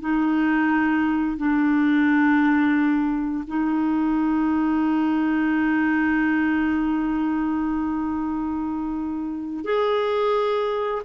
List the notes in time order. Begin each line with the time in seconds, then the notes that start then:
0.00 D#4
1.37 D4
3.47 D#4
9.64 G#4